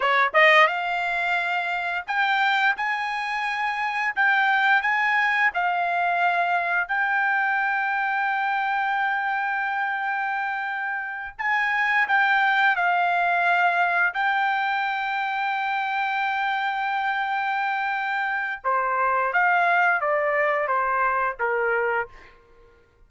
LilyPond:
\new Staff \with { instrumentName = "trumpet" } { \time 4/4 \tempo 4 = 87 cis''8 dis''8 f''2 g''4 | gis''2 g''4 gis''4 | f''2 g''2~ | g''1~ |
g''8 gis''4 g''4 f''4.~ | f''8 g''2.~ g''8~ | g''2. c''4 | f''4 d''4 c''4 ais'4 | }